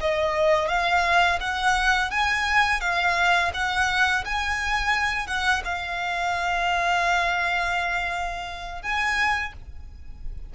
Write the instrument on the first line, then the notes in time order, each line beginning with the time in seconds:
violin
0.00 D#5
0.68 F5
1.41 F#5
2.11 G#5
2.81 F5
3.54 F#5
4.25 G#5
5.27 F#5
5.65 F5
8.82 G#5